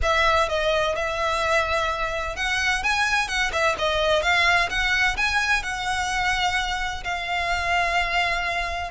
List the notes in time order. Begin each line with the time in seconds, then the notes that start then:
0.02 E5
0.48 D#5
0.95 E5
2.36 F#5
2.83 G#5
3.27 F#5
3.52 E5
3.78 D#5
4.22 F5
4.69 F#5
5.16 G#5
5.62 F#5
7.04 F5